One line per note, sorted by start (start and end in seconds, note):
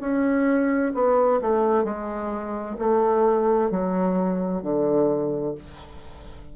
0.00 0.92 C#4
0.94 1.40 B3
1.41 1.84 A3
1.84 2.76 G#3
2.78 3.70 A3
3.70 4.62 F#3
4.62 5.55 D3